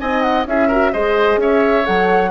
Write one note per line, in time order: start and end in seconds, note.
0.00 0.46 C4
0.00 0.47 D#4
0.00 0.47 D#5
0.00 0.22 G#5
0.22 0.45 F#5
0.46 0.93 C#4
0.46 0.71 E4
0.46 0.68 G#4
0.46 0.93 E5
0.68 0.94 F#4
0.68 0.91 A#4
0.93 1.37 G#3
0.93 1.84 G#4
0.93 1.40 C5
0.93 1.40 D#5
1.37 1.84 C#4
1.37 2.31 C#5
1.37 1.86 E5
1.84 2.31 F#3
1.84 2.31 A4
1.84 2.31 F#5